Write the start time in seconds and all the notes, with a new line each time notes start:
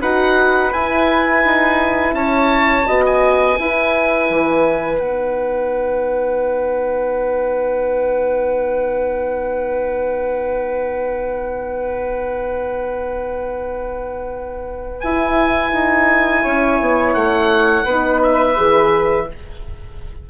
0.00 D#4 F#4 B4 F#5
0.72 E4 G#5
1.44 D#4
2.12 C#4 C#5 A5
2.85 B3 F#4 D#5
3.06 G#5
3.58 E4 B4
4.29 E3
4.99 B3 D#4 F#5
15.00 E4 G#5
15.72 D#4
16.42 C#4 C#5
16.80 B3
17.14 A3 F#5
17.84 B3 B4
17.90 D#4
18.22 E5
18.56 E3 G#4